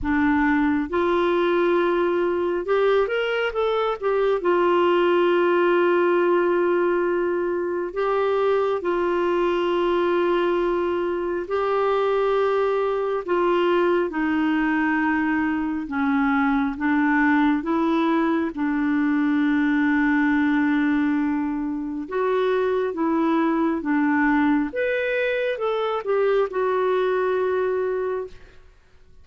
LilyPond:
\new Staff \with { instrumentName = "clarinet" } { \time 4/4 \tempo 4 = 68 d'4 f'2 g'8 ais'8 | a'8 g'8 f'2.~ | f'4 g'4 f'2~ | f'4 g'2 f'4 |
dis'2 cis'4 d'4 | e'4 d'2.~ | d'4 fis'4 e'4 d'4 | b'4 a'8 g'8 fis'2 | }